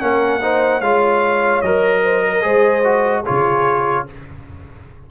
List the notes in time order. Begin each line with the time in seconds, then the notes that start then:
0.00 A#3 C#4 A#4 F#5
0.41 D#4 C5
0.81 G#3 F4 C#5 F5
1.62 F#3 A#4 D#5
2.03 C5
2.26 A#4
2.42 G#3 G#4 C5
2.84 F#4
3.23 F4 G#4 C#5
3.30 C#3